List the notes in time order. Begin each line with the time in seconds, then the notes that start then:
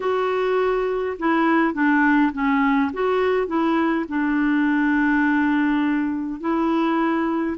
0.00 F#4
1.18 E4
1.73 D4
2.32 C#4
2.93 F#4
3.47 E4
4.08 D4
6.40 E4